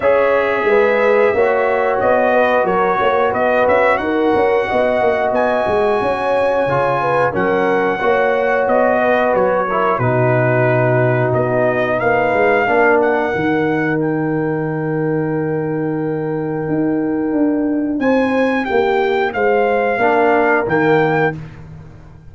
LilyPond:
<<
  \new Staff \with { instrumentName = "trumpet" } { \time 4/4 \tempo 4 = 90 e''2. dis''4 | cis''4 dis''8 e''8 fis''2 | gis''2. fis''4~ | fis''4 dis''4 cis''4 b'4~ |
b'4 dis''4 f''4. fis''8~ | fis''4 g''2.~ | g''2. gis''4 | g''4 f''2 g''4 | }
  \new Staff \with { instrumentName = "horn" } { \time 4/4 cis''4 b'4 cis''4. b'8 | ais'8 cis''8 b'4 ais'4 dis''4~ | dis''4 cis''4. b'8 ais'4 | cis''4. b'4 ais'8 fis'4~ |
fis'2 b'4 ais'4~ | ais'1~ | ais'2. c''4 | g'4 c''4 ais'2 | }
  \new Staff \with { instrumentName = "trombone" } { \time 4/4 gis'2 fis'2~ | fis'1~ | fis'2 f'4 cis'4 | fis'2~ fis'8 e'8 dis'4~ |
dis'2. d'4 | dis'1~ | dis'1~ | dis'2 d'4 ais4 | }
  \new Staff \with { instrumentName = "tuba" } { \time 4/4 cis'4 gis4 ais4 b4 | fis8 ais8 b8 cis'8 dis'8 cis'8 b8 ais8 | b8 gis8 cis'4 cis4 fis4 | ais4 b4 fis4 b,4~ |
b,4 b4 ais8 gis8 ais4 | dis1~ | dis4 dis'4 d'4 c'4 | ais4 gis4 ais4 dis4 | }
>>